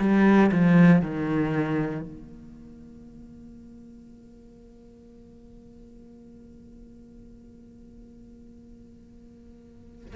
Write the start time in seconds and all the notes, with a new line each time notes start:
0.00 G3
0.52 F3
1.02 D#3
2.02 A#3